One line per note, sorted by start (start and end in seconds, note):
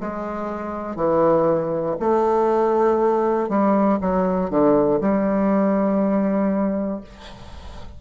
0.00 0.96 G#3
0.96 1.96 E3
2.00 3.49 A3
3.49 3.99 G3
4.00 4.50 F#3
4.50 5.00 D3
5.00 7.00 G3